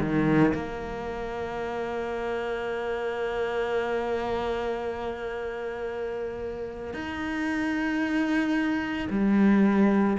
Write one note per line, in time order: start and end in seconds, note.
0.00 0.54 D#3
0.54 6.94 A#3
6.94 9.08 D#4
9.10 10.17 G3